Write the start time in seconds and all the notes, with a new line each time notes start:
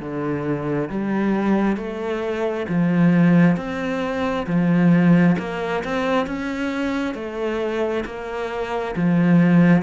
0.00 D3
0.89 G3
1.77 A3
2.69 F3
3.57 C4
4.47 F3
5.39 A#3
5.84 C4
6.26 C#4
7.15 A3
8.06 A#3
8.96 F3